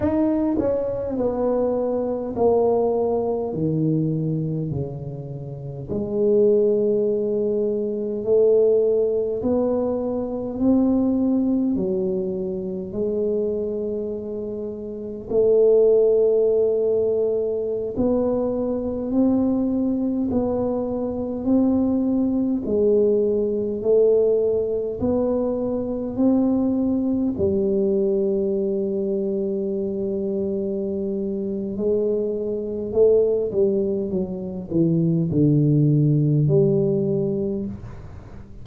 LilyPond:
\new Staff \with { instrumentName = "tuba" } { \time 4/4 \tempo 4 = 51 dis'8 cis'8 b4 ais4 dis4 | cis4 gis2 a4 | b4 c'4 fis4 gis4~ | gis4 a2~ a16 b8.~ |
b16 c'4 b4 c'4 gis8.~ | gis16 a4 b4 c'4 g8.~ | g2. gis4 | a8 g8 fis8 e8 d4 g4 | }